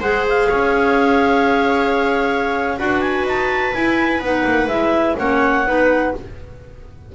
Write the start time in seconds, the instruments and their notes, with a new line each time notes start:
0.00 double bass G#3, clarinet G#4 F#5, viola C5
0.29 clarinet F5
0.49 double bass C#4, viola C#5
2.78 double bass D4, clarinet F#4 F#5, viola B4
3.01 clarinet G#5
3.24 double bass D#4, clarinet A5
3.73 clarinet E4 G#5, double bass E4
4.19 double bass B3, clarinet D#4 F#5
4.45 double bass A#3
4.67 double bass G#3, clarinet E4 E5
5.17 double bass A#3, clarinet C#4 F#5, viola C#5
5.66 double bass B3, clarinet D#4, viola B4